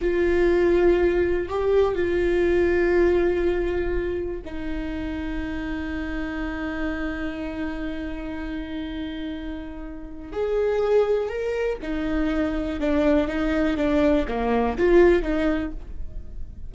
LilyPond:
\new Staff \with { instrumentName = "viola" } { \time 4/4 \tempo 4 = 122 f'2. g'4 | f'1~ | f'4 dis'2.~ | dis'1~ |
dis'1~ | dis'4 gis'2 ais'4 | dis'2 d'4 dis'4 | d'4 ais4 f'4 dis'4 | }